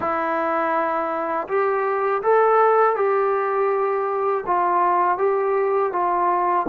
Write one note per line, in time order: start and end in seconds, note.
0.00 1.47 E4
1.48 2.22 G4
2.22 2.96 A4
2.96 4.44 G4
4.46 5.18 F4
5.18 5.92 G4
5.92 6.66 F4